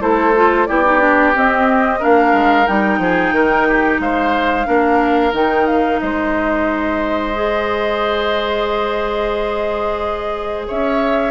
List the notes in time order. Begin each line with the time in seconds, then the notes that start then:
0.00 A3 E4 A4 C5
0.35 F4
0.66 B3 E4 G4 D5
0.84 D#4
0.99 D4
1.35 C4 D#5
1.99 A#3 D4 A#4 F5
2.33 G#3
2.66 G3 D#4 G5
2.98 F3 G#4
3.31 D#3 A#4
3.67 G4
3.99 G#3 C5 F5
4.65 A#3 D4 A#4
5.32 D#3 D#4 G5
5.66 F5
5.99 G#3 C5 D#5
7.34 G#4
10.67 C#4 C#5 E5